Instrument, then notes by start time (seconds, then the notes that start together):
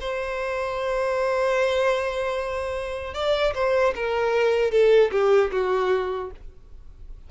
violin
0.00 C5
3.14 D5
3.54 C5
3.95 A#4
4.71 A4
5.11 G4
5.52 F#4